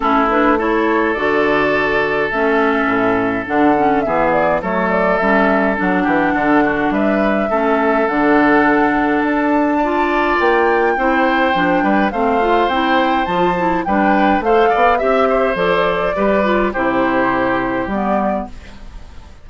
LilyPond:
<<
  \new Staff \with { instrumentName = "flute" } { \time 4/4 \tempo 4 = 104 a'8 b'8 cis''4 d''2 | e''2 fis''4 e''8 d''8 | cis''8 d''8 e''4 fis''2 | e''2 fis''2 |
a''2 g''2~ | g''4 f''4 g''4 a''4 | g''4 f''4 e''4 d''4~ | d''4 c''2 d''4 | }
  \new Staff \with { instrumentName = "oboe" } { \time 4/4 e'4 a'2.~ | a'2. gis'4 | a'2~ a'8 g'8 a'8 fis'8 | b'4 a'2.~ |
a'4 d''2 c''4~ | c''8 b'8 c''2. | b'4 c''8 d''8 e''8 c''4. | b'4 g'2. | }
  \new Staff \with { instrumentName = "clarinet" } { \time 4/4 cis'8 d'8 e'4 fis'2 | cis'2 d'8 cis'8 b4 | a4 cis'4 d'2~ | d'4 cis'4 d'2~ |
d'4 f'2 e'4 | d'4 c'8 f'8 e'4 f'8 e'8 | d'4 a'4 g'4 a'4 | g'8 f'8 e'2 b4 | }
  \new Staff \with { instrumentName = "bassoon" } { \time 4/4 a2 d2 | a4 a,4 d4 e4 | fis4 g4 fis8 e8 d4 | g4 a4 d2 |
d'2 ais4 c'4 | f8 g8 a4 c'4 f4 | g4 a8 b8 c'4 f4 | g4 c2 g4 | }
>>